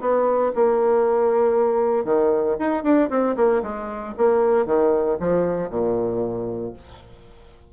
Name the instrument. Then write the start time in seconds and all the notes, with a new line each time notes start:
bassoon
0.00 B3
0.55 A#3
2.04 D#3
2.59 D#4
2.83 D4
3.10 C4
3.36 A#3
3.62 G#3
4.17 A#3
4.65 D#3
5.19 F3
5.69 A#2